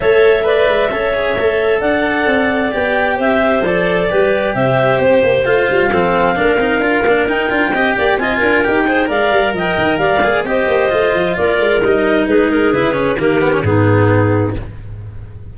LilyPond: <<
  \new Staff \with { instrumentName = "clarinet" } { \time 4/4 \tempo 4 = 132 e''1 | fis''2 g''4 e''4 | d''2 e''4 c''4 | f''1 |
g''2 gis''4 g''4 | f''4 g''4 f''4 dis''4~ | dis''4 d''4 dis''4 b'8 ais'8 | b'4 ais'4 gis'2 | }
  \new Staff \with { instrumentName = "clarinet" } { \time 4/4 cis''4 d''4 cis''2 | d''2. c''4~ | c''4 b'4 c''2~ | c''4 a'4 ais'2~ |
ais'4 dis''8 d''8 dis''8 ais'4 c''8 | d''4 dis''4 d''4 c''4~ | c''4 ais'2 gis'4~ | gis'4 g'4 dis'2 | }
  \new Staff \with { instrumentName = "cello" } { \time 4/4 a'4 b'4 a'8 gis'8 a'4~ | a'2 g'2 | a'4 g'2. | f'4 c'4 d'8 dis'8 f'8 d'8 |
dis'8 f'8 g'4 f'4 g'8 gis'8 | ais'2~ ais'8 gis'8 g'4 | f'2 dis'2 | e'8 cis'8 ais8 b16 cis'16 b2 | }
  \new Staff \with { instrumentName = "tuba" } { \time 4/4 a4. gis8 cis'4 a4 | d'4 c'4 b4 c'4 | f4 g4 c4 c'8 ais8 | a8 g8 f4 ais8 c'8 d'8 ais8 |
dis'8 d'8 c'8 ais8 c'8 d'8 dis'4 | gis8 g8 f8 dis8 g8 ais8 c'8 ais8 | a8 f8 ais8 gis8 g4 gis4 | cis4 dis4 gis,2 | }
>>